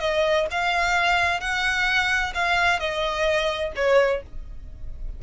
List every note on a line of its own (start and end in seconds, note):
0.00 0.47 D#5
0.51 1.40 F5
1.40 2.33 F#5
2.34 2.79 F5
2.79 3.73 D#5
3.76 4.22 C#5